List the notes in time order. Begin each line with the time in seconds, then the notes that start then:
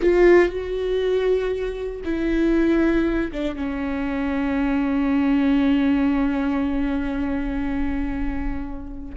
0.01 F4
0.49 F#4
2.04 E4
3.32 D4
3.55 C#4